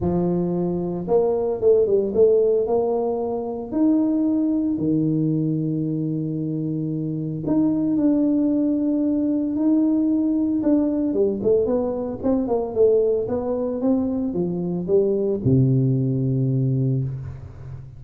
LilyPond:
\new Staff \with { instrumentName = "tuba" } { \time 4/4 \tempo 4 = 113 f2 ais4 a8 g8 | a4 ais2 dis'4~ | dis'4 dis2.~ | dis2 dis'4 d'4~ |
d'2 dis'2 | d'4 g8 a8 b4 c'8 ais8 | a4 b4 c'4 f4 | g4 c2. | }